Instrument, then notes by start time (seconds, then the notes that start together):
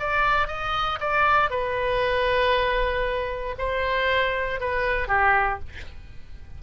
oboe
0.00 D5
0.48 D#5
1.00 D5
1.50 B4
3.59 C5
4.61 B4
5.08 G4